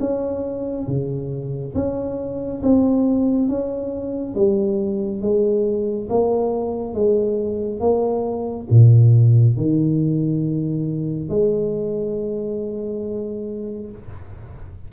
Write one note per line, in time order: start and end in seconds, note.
0.00 0.87 C#4
0.87 1.74 C#3
1.75 2.62 C#4
2.63 3.48 C4
3.48 4.35 C#4
4.35 5.21 G3
5.21 6.08 G#3
6.09 6.94 A#3
6.94 7.80 G#3
7.80 8.67 A#3
8.70 9.57 A#2
9.57 11.29 D#3
11.29 13.90 G#3